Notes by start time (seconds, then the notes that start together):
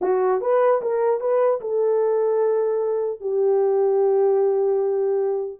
0.01 F#4
0.41 B4
0.81 A#4
1.20 B4
1.60 A4
3.20 G4